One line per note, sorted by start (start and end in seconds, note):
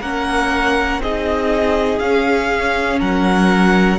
0.00 0.99 A#3
0.00 1.02 C#4
0.00 1.01 A#4
0.00 1.01 F#5
0.99 1.99 C4
0.99 2.01 D#4
0.99 2.99 G#4
0.99 1.99 D#5
1.99 3.00 C#4
1.99 3.99 C#4
1.99 2.99 F5
2.99 3.99 F#3
2.99 3.99 A#4
2.99 3.99 F#5